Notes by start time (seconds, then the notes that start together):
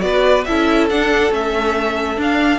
0.00 B3 F#4 D5
0.07 B4
0.45 C#4 E4 A4 E5
0.90 D4 F#5
1.30 A3 C#4 E5
2.17 D4 F5